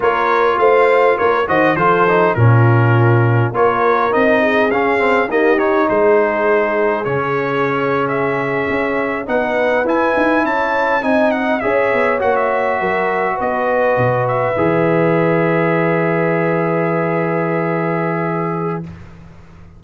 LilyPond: <<
  \new Staff \with { instrumentName = "trumpet" } { \time 4/4 \tempo 4 = 102 cis''4 f''4 cis''8 dis''8 c''4 | ais'2 cis''4 dis''4 | f''4 dis''8 cis''8 c''2 | cis''4.~ cis''16 e''2 fis''16~ |
fis''8. gis''4 a''4 gis''8 fis''8 e''16~ | e''8. fis''16 e''4.~ e''16 dis''4~ dis''16~ | dis''16 e''2.~ e''8.~ | e''1 | }
  \new Staff \with { instrumentName = "horn" } { \time 4/4 ais'4 c''4 ais'8 c''8 a'4 | f'2 ais'4. gis'8~ | gis'4 g'4 gis'2~ | gis'2.~ gis'8. b'16~ |
b'4.~ b'16 cis''4 dis''4 cis''16~ | cis''4.~ cis''16 ais'4 b'4~ b'16~ | b'1~ | b'1 | }
  \new Staff \with { instrumentName = "trombone" } { \time 4/4 f'2~ f'8 fis'8 f'8 dis'8 | cis'2 f'4 dis'4 | cis'8 c'8 ais8 dis'2~ dis'8 | cis'2.~ cis'8. dis'16~ |
dis'8. e'2 dis'4 gis'16~ | gis'8. fis'2.~ fis'16~ | fis'8. gis'2.~ gis'16~ | gis'1 | }
  \new Staff \with { instrumentName = "tuba" } { \time 4/4 ais4 a4 ais8 dis8 f4 | ais,2 ais4 c'4 | cis'4 dis'4 gis2 | cis2~ cis8. cis'4 b16~ |
b8. e'8 dis'8 cis'4 c'4 cis'16~ | cis'16 b8 ais4 fis4 b4 b,16~ | b,8. e2.~ e16~ | e1 | }
>>